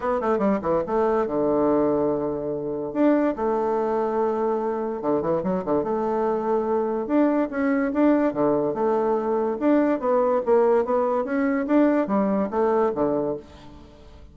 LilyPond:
\new Staff \with { instrumentName = "bassoon" } { \time 4/4 \tempo 4 = 144 b8 a8 g8 e8 a4 d4~ | d2. d'4 | a1 | d8 e8 fis8 d8 a2~ |
a4 d'4 cis'4 d'4 | d4 a2 d'4 | b4 ais4 b4 cis'4 | d'4 g4 a4 d4 | }